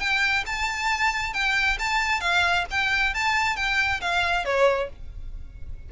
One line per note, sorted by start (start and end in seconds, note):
0.00 0.44 G5
0.46 1.34 A5
1.34 1.78 G5
1.79 2.21 A5
2.21 2.65 F5
2.71 3.14 G5
3.14 3.57 A5
3.57 4.01 G5
4.01 4.45 F5
4.45 4.89 C#5